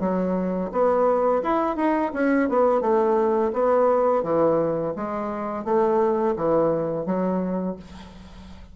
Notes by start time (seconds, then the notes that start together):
0.00 F#3
0.72 B3
1.43 E4
1.76 D#4
2.14 C#4
2.49 B3
2.81 A3
3.53 B3
4.24 E3
4.96 G#3
5.65 A3
6.37 E3
7.06 F#3